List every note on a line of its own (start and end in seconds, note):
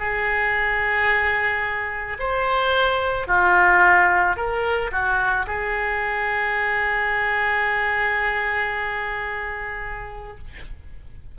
0.00 2.18 G#4
2.20 3.28 C5
3.28 4.37 F4
4.37 4.91 A#4
4.92 5.47 F#4
5.47 10.38 G#4